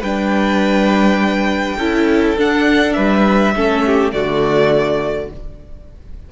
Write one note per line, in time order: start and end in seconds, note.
0.00 1.77 G3
0.00 1.80 D4
0.00 1.76 B4
0.00 2.38 G5
1.77 2.36 C#4
1.77 2.37 E4
1.77 2.95 A4
2.37 3.54 D4
2.37 2.96 D4
2.37 2.93 F#5
2.93 3.55 G3
2.93 3.54 B4
2.93 4.10 E5
3.55 4.12 A3
3.55 4.11 C#4
3.55 3.85 A4
3.86 4.14 G4
4.11 5.30 D3
4.11 5.29 A3
4.11 5.31 F#4
4.11 5.30 D5